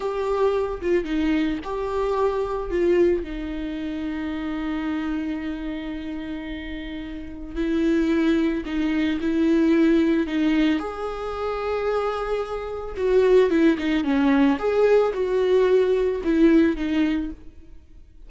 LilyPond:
\new Staff \with { instrumentName = "viola" } { \time 4/4 \tempo 4 = 111 g'4. f'8 dis'4 g'4~ | g'4 f'4 dis'2~ | dis'1~ | dis'2 e'2 |
dis'4 e'2 dis'4 | gis'1 | fis'4 e'8 dis'8 cis'4 gis'4 | fis'2 e'4 dis'4 | }